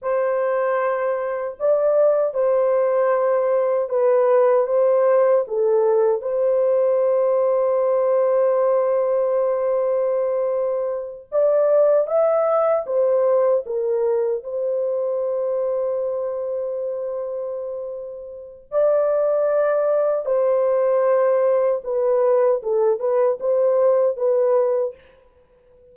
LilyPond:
\new Staff \with { instrumentName = "horn" } { \time 4/4 \tempo 4 = 77 c''2 d''4 c''4~ | c''4 b'4 c''4 a'4 | c''1~ | c''2~ c''8 d''4 e''8~ |
e''8 c''4 ais'4 c''4.~ | c''1 | d''2 c''2 | b'4 a'8 b'8 c''4 b'4 | }